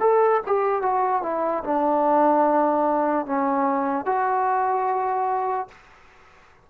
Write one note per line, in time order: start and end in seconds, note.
0.00 0.41 A4
0.46 0.82 G4
0.82 1.22 F#4
1.23 1.63 E4
1.64 3.26 D4
3.26 4.06 C#4
4.06 5.68 F#4